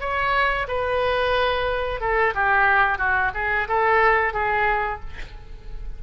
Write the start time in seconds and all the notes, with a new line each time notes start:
0.00 C#5
0.68 B4
2.00 A4
2.34 G4
2.98 F#4
3.34 G#4
3.68 A4
4.33 G#4